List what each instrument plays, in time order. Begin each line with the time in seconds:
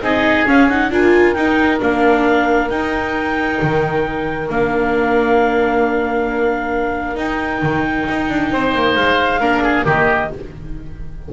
0.00 double bass C4, viola D#4, oboe G#4, clarinet D#5
0.46 viola C#4, double bass C#4, clarinet F5
0.69 viola D#4, clarinet F#5
0.90 double bass D4, viola F4, oboe A#4, clarinet G#5
1.33 viola D#4, double bass D#4, clarinet G5
1.79 double bass A#3, viola D4, clarinet F5
2.70 viola D#4, double bass D#4, clarinet G5
3.62 double bass D#3
4.49 double bass A#3, viola D4, clarinet F5
7.15 viola D#4, double bass D#4, clarinet G5
7.62 double bass D#3
8.09 double bass D#4
8.30 double bass D4
8.52 double bass C4, oboe C5
8.74 double bass A#3
8.95 double bass G#3, clarinet F5
9.40 double bass A#3, viola D4, oboe A#4
9.63 oboe G#4
9.85 double bass D#3, viola A#3, oboe G4, clarinet D#5